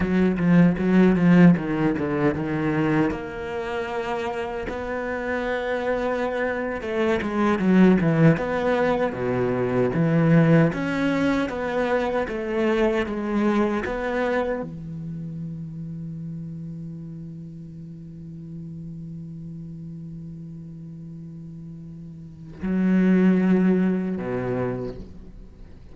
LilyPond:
\new Staff \with { instrumentName = "cello" } { \time 4/4 \tempo 4 = 77 fis8 f8 fis8 f8 dis8 d8 dis4 | ais2 b2~ | b8. a8 gis8 fis8 e8 b4 b,16~ | b,8. e4 cis'4 b4 a16~ |
a8. gis4 b4 e4~ e16~ | e1~ | e1~ | e4 fis2 b,4 | }